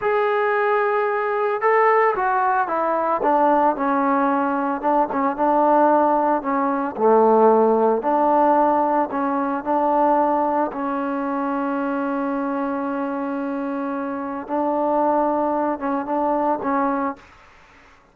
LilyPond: \new Staff \with { instrumentName = "trombone" } { \time 4/4 \tempo 4 = 112 gis'2. a'4 | fis'4 e'4 d'4 cis'4~ | cis'4 d'8 cis'8 d'2 | cis'4 a2 d'4~ |
d'4 cis'4 d'2 | cis'1~ | cis'2. d'4~ | d'4. cis'8 d'4 cis'4 | }